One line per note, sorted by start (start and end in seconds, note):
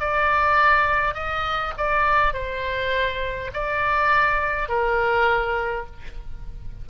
0.00 1.14 D5
1.14 1.73 D#5
1.78 2.34 D5
2.34 3.51 C5
3.53 4.69 D5
4.69 5.87 A#4